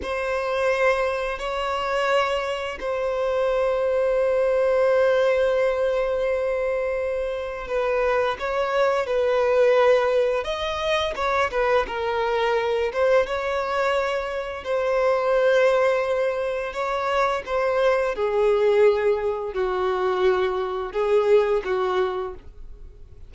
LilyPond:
\new Staff \with { instrumentName = "violin" } { \time 4/4 \tempo 4 = 86 c''2 cis''2 | c''1~ | c''2. b'4 | cis''4 b'2 dis''4 |
cis''8 b'8 ais'4. c''8 cis''4~ | cis''4 c''2. | cis''4 c''4 gis'2 | fis'2 gis'4 fis'4 | }